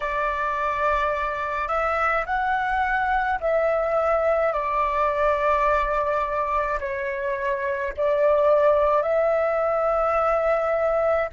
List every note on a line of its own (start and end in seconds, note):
0.00 1.68 D5
1.68 2.24 E5
2.25 3.39 F#5
3.40 4.52 E5
4.52 6.79 D5
6.80 7.93 C#5
7.97 9.02 D5
9.02 11.28 E5